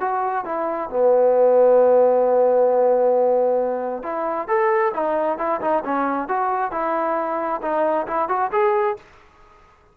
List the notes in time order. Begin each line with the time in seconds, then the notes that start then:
0.00 F#4
0.45 E4
0.89 B3
4.03 E4
4.47 A4
4.94 D#4
5.38 E4
5.61 D#4
5.84 C#4
6.28 F#4
6.71 E4
7.61 D#4
8.07 E4
8.28 F#4
8.52 G#4